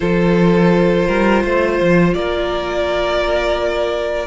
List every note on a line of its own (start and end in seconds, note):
0.00 1.08 F3
0.00 4.27 F4
0.00 1.07 A4
0.00 2.13 C5
1.07 1.44 G3
1.07 1.43 A#4
1.43 1.80 A3
1.43 2.14 C5
1.80 2.14 F3
2.13 4.27 A#3
2.13 4.27 A#4
2.13 4.27 D5